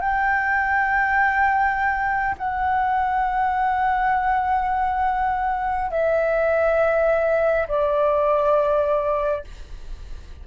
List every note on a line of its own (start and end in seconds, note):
0.00 2.35 G5
2.37 5.90 F#5
5.90 7.67 E5
7.67 9.44 D5